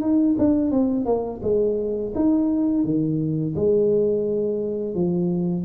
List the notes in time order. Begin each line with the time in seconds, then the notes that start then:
0.00 D#4
0.38 D4
0.70 C4
1.05 A#3
1.42 G#3
2.15 D#4
2.84 D#3
3.55 G#3
4.94 F3